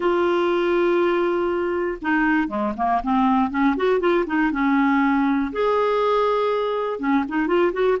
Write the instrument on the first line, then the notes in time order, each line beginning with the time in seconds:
clarinet
0.00 F4
2.01 D#4
2.48 G#3
2.76 A#3
3.03 C4
3.50 C#4
3.76 F#4
4.00 F4
4.26 D#4
4.51 C#4
5.52 G#4
6.99 C#4
7.28 D#4
7.47 F4
7.72 F#4